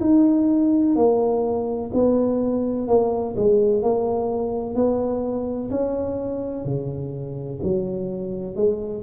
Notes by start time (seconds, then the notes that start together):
0.00 D#4
0.95 A#3
1.94 B3
2.87 A#3
3.36 G#3
3.82 A#3
4.74 B3
5.70 C#4
6.65 C#3
7.62 F#3
8.55 G#3